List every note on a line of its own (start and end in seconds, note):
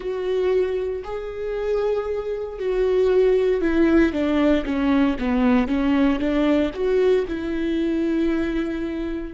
0.00 1.03 F#4
1.03 2.59 G#4
2.59 3.61 F#4
3.61 4.12 E4
4.12 4.64 D4
4.65 5.17 C#4
5.18 5.67 B3
5.67 6.19 C#4
6.19 6.71 D4
6.73 7.25 F#4
7.27 9.33 E4